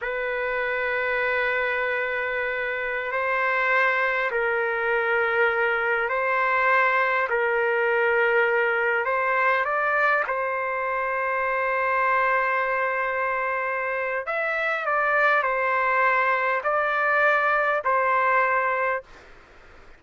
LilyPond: \new Staff \with { instrumentName = "trumpet" } { \time 4/4 \tempo 4 = 101 b'1~ | b'4~ b'16 c''2 ais'8.~ | ais'2~ ais'16 c''4.~ c''16~ | c''16 ais'2. c''8.~ |
c''16 d''4 c''2~ c''8.~ | c''1 | e''4 d''4 c''2 | d''2 c''2 | }